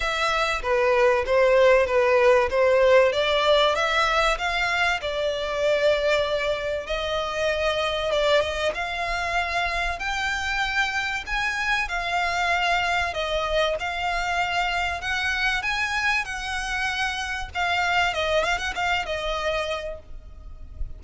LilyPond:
\new Staff \with { instrumentName = "violin" } { \time 4/4 \tempo 4 = 96 e''4 b'4 c''4 b'4 | c''4 d''4 e''4 f''4 | d''2. dis''4~ | dis''4 d''8 dis''8 f''2 |
g''2 gis''4 f''4~ | f''4 dis''4 f''2 | fis''4 gis''4 fis''2 | f''4 dis''8 f''16 fis''16 f''8 dis''4. | }